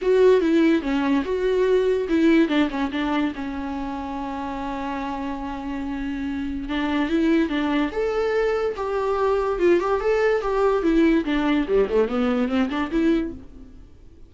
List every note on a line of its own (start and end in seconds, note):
0.01 0.41 F#4
0.41 0.81 E4
0.81 1.23 C#4
1.24 2.07 F#4
2.08 2.48 E4
2.48 2.69 D4
2.70 2.90 C#4
2.91 3.33 D4
3.35 6.68 C#4
6.68 7.09 D4
7.09 7.49 E4
7.49 7.91 D4
7.91 8.75 A4
8.76 9.59 G4
9.59 9.79 F4
9.79 10.00 G4
10.00 10.41 A4
10.41 10.82 G4
10.82 11.24 E4
11.24 11.66 D4
11.68 11.88 G3
11.89 12.08 A3
12.08 12.48 B3
12.48 12.69 C4
12.69 12.90 D4
12.91 13.32 E4